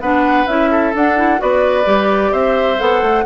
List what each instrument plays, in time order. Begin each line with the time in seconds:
0.00 bassoon B3, clarinet D4, oboe B4, flute F#5
0.47 bassoon C#4, clarinet E4, flute E5
0.71 oboe A4
0.94 bassoon D4, clarinet D4, flute F#5
1.16 clarinet E4
1.37 bassoon B3, clarinet F#4, oboe B4, flute D5
1.85 bassoon G3, clarinet G4
2.31 bassoon C4, oboe C5, flute E5
2.77 bassoon B3, clarinet A4, flute F#5
3.01 bassoon A3